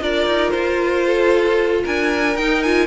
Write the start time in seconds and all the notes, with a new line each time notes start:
0.00 D4 F4 A#4 D5
0.26 D#4
0.50 F4 C5
1.06 A4
1.84 D4 A#4 G#5
2.36 D#4 G5
2.62 F4 G#5